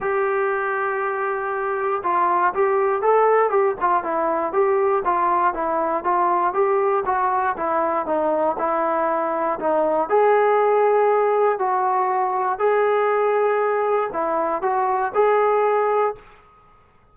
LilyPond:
\new Staff \with { instrumentName = "trombone" } { \time 4/4 \tempo 4 = 119 g'1 | f'4 g'4 a'4 g'8 f'8 | e'4 g'4 f'4 e'4 | f'4 g'4 fis'4 e'4 |
dis'4 e'2 dis'4 | gis'2. fis'4~ | fis'4 gis'2. | e'4 fis'4 gis'2 | }